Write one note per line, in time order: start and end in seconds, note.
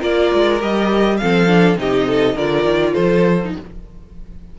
0.00 0.32 A#3
0.00 0.59 F4
0.00 1.18 A#4
0.00 0.62 D5
0.34 0.62 G#3
0.61 1.21 G3
0.61 1.19 G4
0.61 1.18 D#5
1.18 1.77 F3
1.18 1.47 C4
1.18 1.80 A4
1.18 1.76 F5
1.47 1.77 D4
1.77 2.36 C3
1.77 2.36 D#4
1.77 2.08 G4
1.77 2.38 D#5
2.08 2.36 A4
2.36 2.64 D3
2.36 3.40 F4
2.36 2.93 A#4
2.36 2.94 D5
2.64 2.94 D#3
2.93 3.56 F3
2.93 3.52 A4
2.93 3.53 C5
3.44 3.59 D#4